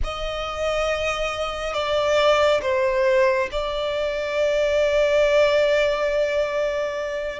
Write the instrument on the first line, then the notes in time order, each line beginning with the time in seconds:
violin
0.03 D#5
1.74 D5
2.62 C5
3.51 D5